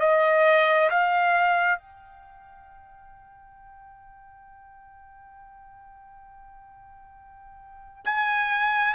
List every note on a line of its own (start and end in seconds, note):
0.00 0.90 D#5
0.90 1.79 F5
1.79 8.05 G5
8.05 8.94 G#5